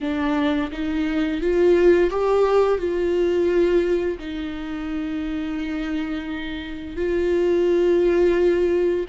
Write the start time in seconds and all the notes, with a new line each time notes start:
0.01 D4
0.71 D#4
1.41 F4
2.10 G4
2.78 F4
4.18 D#4
6.96 F4